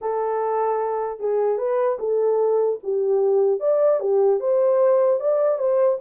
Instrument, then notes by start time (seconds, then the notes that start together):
horn
0.01 A4
1.19 G#4
1.57 B4
1.99 A4
2.83 G4
3.60 D5
4.00 G4
4.40 C5
5.20 D5
5.58 C5